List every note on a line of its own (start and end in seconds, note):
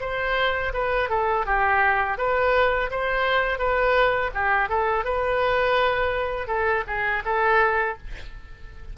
0.00 0.72 C5
0.73 1.09 B4
1.09 1.46 A4
1.46 2.18 G4
2.18 2.90 B4
2.90 3.58 C5
3.58 4.31 B4
4.34 4.69 G4
4.69 5.04 A4
5.04 6.47 B4
6.47 6.83 A4
6.87 7.23 G#4
7.25 7.97 A4